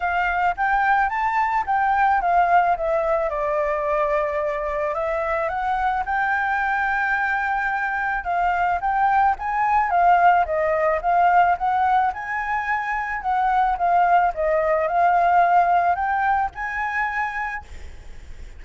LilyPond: \new Staff \with { instrumentName = "flute" } { \time 4/4 \tempo 4 = 109 f''4 g''4 a''4 g''4 | f''4 e''4 d''2~ | d''4 e''4 fis''4 g''4~ | g''2. f''4 |
g''4 gis''4 f''4 dis''4 | f''4 fis''4 gis''2 | fis''4 f''4 dis''4 f''4~ | f''4 g''4 gis''2 | }